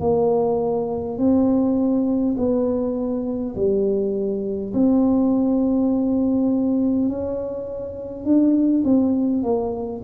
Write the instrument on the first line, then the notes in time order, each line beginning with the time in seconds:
tuba
0.00 A#3
1.18 C4
2.37 B3
3.55 G3
4.73 C4
7.09 C#4
8.25 D4
8.84 C4
9.43 A#3